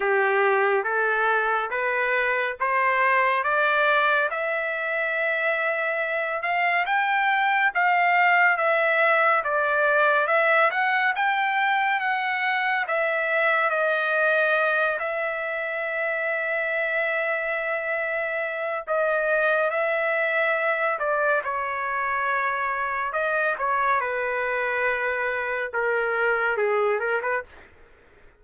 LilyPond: \new Staff \with { instrumentName = "trumpet" } { \time 4/4 \tempo 4 = 70 g'4 a'4 b'4 c''4 | d''4 e''2~ e''8 f''8 | g''4 f''4 e''4 d''4 | e''8 fis''8 g''4 fis''4 e''4 |
dis''4. e''2~ e''8~ | e''2 dis''4 e''4~ | e''8 d''8 cis''2 dis''8 cis''8 | b'2 ais'4 gis'8 ais'16 b'16 | }